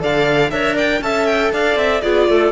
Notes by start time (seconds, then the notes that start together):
0.00 D3 A4 D5 F5
0.51 D4 A#4 C#5 E5
0.75 D5 G5
1.01 C#4 A4 E5 A5
1.27 G5
1.53 D4 D5 F5
1.76 C4 E5
2.01 B3 F4 G#4 D5
2.29 A3 A4